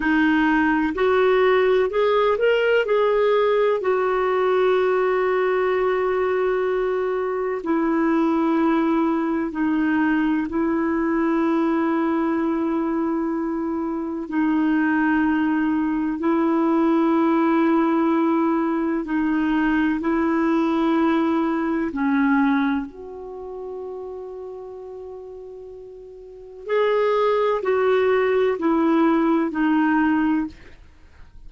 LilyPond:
\new Staff \with { instrumentName = "clarinet" } { \time 4/4 \tempo 4 = 63 dis'4 fis'4 gis'8 ais'8 gis'4 | fis'1 | e'2 dis'4 e'4~ | e'2. dis'4~ |
dis'4 e'2. | dis'4 e'2 cis'4 | fis'1 | gis'4 fis'4 e'4 dis'4 | }